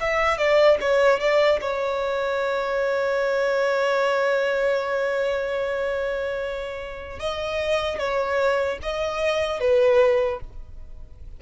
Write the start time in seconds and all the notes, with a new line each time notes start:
0.00 E5
0.37 D5
0.80 C#5
1.20 D5
1.61 C#5
7.19 D#5
7.98 C#5
8.82 D#5
9.60 B4